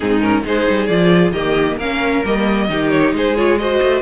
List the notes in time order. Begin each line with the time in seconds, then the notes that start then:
0.00 G#2 C4 D#4 G#4
0.20 C#4 A#4
0.44 G#3 D#4 G#4 C5
0.69 G3
0.86 F3 F4 D5
1.31 D#3 A#3 G4 D#5
1.77 A#3 C#4 A#4 F5
2.24 G3 A#3 D#5
2.69 D#3 D#4 G4
2.90 C#5
3.13 G#3 G#4 C5
3.36 F4 C#5
3.58 F#4 C5 D#5
3.82 A3